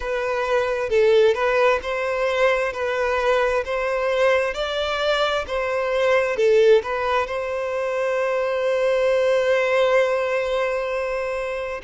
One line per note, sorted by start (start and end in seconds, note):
0.00 0.89 B4
0.89 1.34 A4
1.34 1.79 B4
1.82 2.73 C5
2.73 3.64 B4
3.64 4.54 C5
4.54 5.45 D5
5.47 6.36 C5
6.36 6.82 A4
6.83 7.26 B4
7.26 11.81 C5